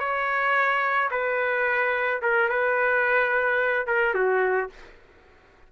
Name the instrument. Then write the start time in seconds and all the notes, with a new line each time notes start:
trumpet
0.00 C#5
1.11 B4
2.23 A#4
2.50 B4
3.87 A#4
4.15 F#4